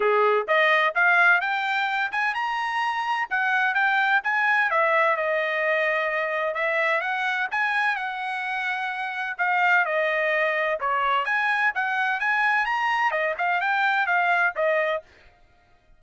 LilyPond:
\new Staff \with { instrumentName = "trumpet" } { \time 4/4 \tempo 4 = 128 gis'4 dis''4 f''4 g''4~ | g''8 gis''8 ais''2 fis''4 | g''4 gis''4 e''4 dis''4~ | dis''2 e''4 fis''4 |
gis''4 fis''2. | f''4 dis''2 cis''4 | gis''4 fis''4 gis''4 ais''4 | dis''8 f''8 g''4 f''4 dis''4 | }